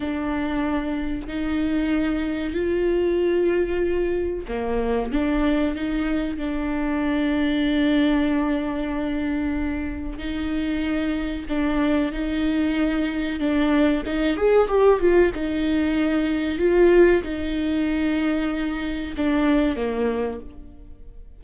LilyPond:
\new Staff \with { instrumentName = "viola" } { \time 4/4 \tempo 4 = 94 d'2 dis'2 | f'2. ais4 | d'4 dis'4 d'2~ | d'1 |
dis'2 d'4 dis'4~ | dis'4 d'4 dis'8 gis'8 g'8 f'8 | dis'2 f'4 dis'4~ | dis'2 d'4 ais4 | }